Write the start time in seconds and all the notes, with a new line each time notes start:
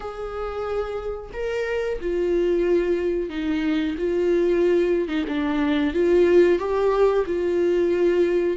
0.00 G#4
1.33 A#4
2.00 F4
3.29 D#4
3.98 F4
5.08 D#4
5.27 D4
5.93 F4
6.58 G4
7.26 F4